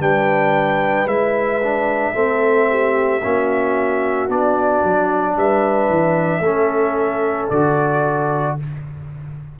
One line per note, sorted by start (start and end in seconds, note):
0.00 1.06 G3
0.00 1.08 D4
0.00 2.15 B4
0.00 1.08 G5
1.06 2.13 G#3
1.06 1.62 E4
1.06 4.29 E5
1.63 2.14 D4
2.14 3.22 A3
2.14 3.21 C4
2.14 2.68 A4
2.70 3.23 G4
3.23 4.29 A#3
3.23 4.29 C#4
3.23 5.37 F#4
4.29 4.82 B3
4.29 6.43 D4
4.29 5.37 D5
4.84 5.36 F#3
5.36 5.89 G3
5.36 6.42 B4
5.36 7.50 E5
5.89 6.40 E3
6.40 7.48 A3
6.40 7.52 C#4
6.40 8.56 A4
7.50 8.58 D3
7.50 8.59 F#4
7.50 8.57 D5